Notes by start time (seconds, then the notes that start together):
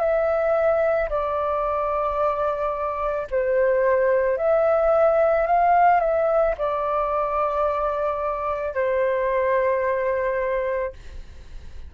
0.00 E5
1.10 D5
3.31 C5
4.38 E5
5.47 F5
6.00 E5
6.58 D5
8.74 C5